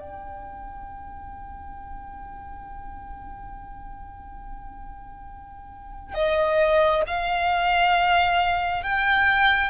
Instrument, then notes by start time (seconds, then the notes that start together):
violin
0.00 G5
6.14 D#5
7.07 F5
8.83 G5